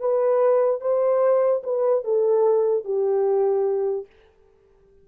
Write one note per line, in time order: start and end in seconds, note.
0.00 0.81 B4
0.81 1.63 C5
1.64 2.04 B4
2.05 2.85 A4
2.85 4.07 G4